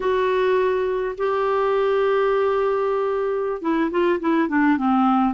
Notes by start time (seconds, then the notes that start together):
0.00 F#4
1.17 G4
3.61 E4
3.90 F4
4.20 E4
4.48 D4
4.77 C4